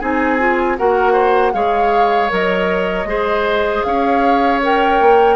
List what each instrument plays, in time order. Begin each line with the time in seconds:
0.00 bassoon C4, clarinet D#4, oboe G#4, flute G#5
0.39 clarinet F4
0.78 bassoon A#3, clarinet F#4, oboe A#4, flute F#5
1.13 oboe C5
1.54 bassoon G#3, clarinet G#4, oboe C#5, flute F5
2.29 bassoon F#3, clarinet A#4, flute D#5
3.05 bassoon G#3, clarinet G#4, oboe C5
3.83 bassoon C#4, oboe C#5, flute F5
4.62 clarinet A#4, flute G5
5.01 bassoon A#3